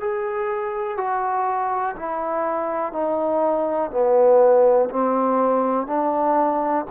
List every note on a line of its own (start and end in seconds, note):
0.00 0.97 G#4
0.97 1.95 F#4
1.96 2.92 E4
2.92 3.90 D#4
3.90 4.89 B3
4.90 5.87 C4
5.87 6.85 D4